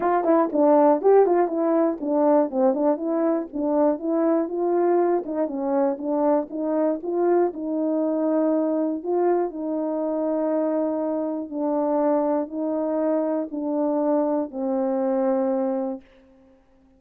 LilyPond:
\new Staff \with { instrumentName = "horn" } { \time 4/4 \tempo 4 = 120 f'8 e'8 d'4 g'8 f'8 e'4 | d'4 c'8 d'8 e'4 d'4 | e'4 f'4. dis'8 cis'4 | d'4 dis'4 f'4 dis'4~ |
dis'2 f'4 dis'4~ | dis'2. d'4~ | d'4 dis'2 d'4~ | d'4 c'2. | }